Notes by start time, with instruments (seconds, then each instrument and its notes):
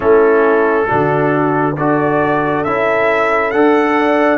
0.00 tuba A3, trombone C#4, horn E4, trumpet A4
0.86 tuba D3, trombone D4, horn F#4
1.76 tuba D4, trombone F#4, horn A4, trumpet D5
2.64 tuba C#4, trombone E4, trumpet E5
3.50 tuba D4, trombone A4, trumpet F#5
3.98 horn D5